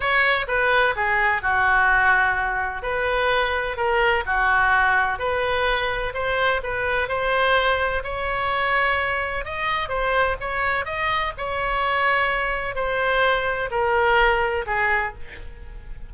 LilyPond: \new Staff \with { instrumentName = "oboe" } { \time 4/4 \tempo 4 = 127 cis''4 b'4 gis'4 fis'4~ | fis'2 b'2 | ais'4 fis'2 b'4~ | b'4 c''4 b'4 c''4~ |
c''4 cis''2. | dis''4 c''4 cis''4 dis''4 | cis''2. c''4~ | c''4 ais'2 gis'4 | }